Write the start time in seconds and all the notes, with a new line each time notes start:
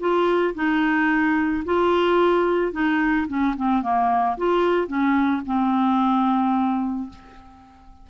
0.00 F4
0.55 D#4
1.65 F4
2.72 D#4
3.28 C#4
3.57 C4
3.83 A#3
4.38 F4
4.88 C#4
5.46 C4